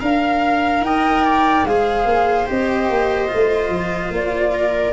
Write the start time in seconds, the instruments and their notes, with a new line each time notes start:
0.00 tuba D4, cello A#4, viola F5, flute F5
0.81 tuba D#4, viola D#5, flute G5
1.25 viola D5
1.64 tuba G#3, cello G#4, viola C5, flute F5
2.05 tuba A#3
2.47 tuba C4, cello G4, flute D#5
2.90 tuba A#3
3.28 tuba A3, cello F4
3.70 tuba F3
4.10 tuba A#3, flute D5
4.54 viola A#4